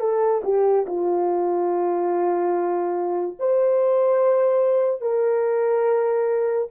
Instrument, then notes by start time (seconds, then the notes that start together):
horn
0.00 A4
0.44 G4
0.86 F4
3.39 C5
5.01 A#4